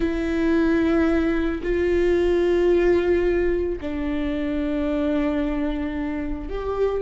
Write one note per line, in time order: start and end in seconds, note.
0.00 1.61 E4
1.62 3.79 F4
3.81 6.49 D4
6.49 7.01 G4